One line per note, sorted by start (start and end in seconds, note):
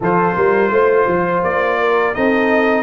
0.00 0.36 F3
0.00 2.14 F4
0.00 0.35 A4
0.00 1.43 C5
0.35 0.70 G3
0.35 0.71 A#4
0.70 1.06 A3
0.70 1.79 C5
1.07 1.43 F3
1.43 2.15 A#3
1.43 2.14 D5
1.79 2.14 A#4
2.14 2.83 C4
2.14 2.83 D#4
2.14 2.83 A4
2.14 2.83 D#5